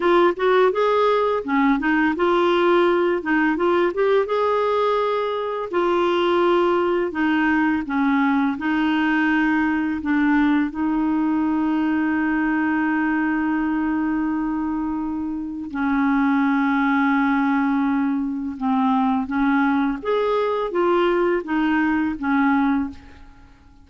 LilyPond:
\new Staff \with { instrumentName = "clarinet" } { \time 4/4 \tempo 4 = 84 f'8 fis'8 gis'4 cis'8 dis'8 f'4~ | f'8 dis'8 f'8 g'8 gis'2 | f'2 dis'4 cis'4 | dis'2 d'4 dis'4~ |
dis'1~ | dis'2 cis'2~ | cis'2 c'4 cis'4 | gis'4 f'4 dis'4 cis'4 | }